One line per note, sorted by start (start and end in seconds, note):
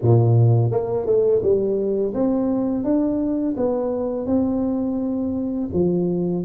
0.02 0.71 A#2
0.71 1.06 A#3
1.06 1.41 A3
1.42 2.13 G3
2.14 2.84 C4
2.84 3.55 D4
3.56 4.26 B3
4.26 5.69 C4
5.73 6.44 F3